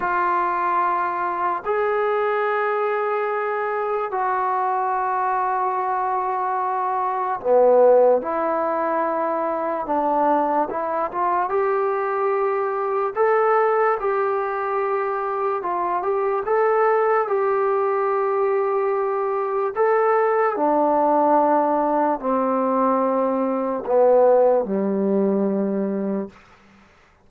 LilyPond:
\new Staff \with { instrumentName = "trombone" } { \time 4/4 \tempo 4 = 73 f'2 gis'2~ | gis'4 fis'2.~ | fis'4 b4 e'2 | d'4 e'8 f'8 g'2 |
a'4 g'2 f'8 g'8 | a'4 g'2. | a'4 d'2 c'4~ | c'4 b4 g2 | }